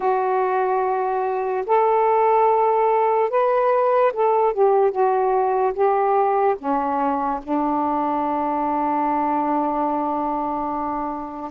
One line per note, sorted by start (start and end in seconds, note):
0.00 1.64 F#4
1.66 3.30 A4
3.30 4.12 B4
4.13 4.53 A4
4.53 4.91 G4
4.91 5.73 F#4
5.73 6.55 G4
6.58 7.40 C#4
7.42 11.50 D4